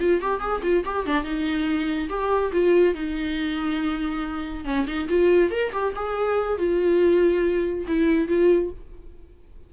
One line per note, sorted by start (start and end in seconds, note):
0.00 0.21 F4
0.21 0.41 G4
0.41 0.62 G#4
0.63 0.84 F4
0.85 1.06 G4
1.06 1.24 D4
1.24 2.09 D#4
2.09 2.52 G4
2.52 2.95 F4
2.95 4.65 D#4
4.65 4.86 C#4
4.87 5.08 D#4
5.09 5.51 F4
5.51 5.72 A#4
5.72 5.94 G4
5.96 6.58 G#4
6.58 7.86 F4
7.87 8.28 E4
8.28 8.71 F4